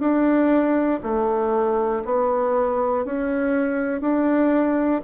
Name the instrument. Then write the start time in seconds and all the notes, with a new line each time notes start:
bassoon
0.00 D4
1.04 A3
2.05 B3
3.05 C#4
4.01 D4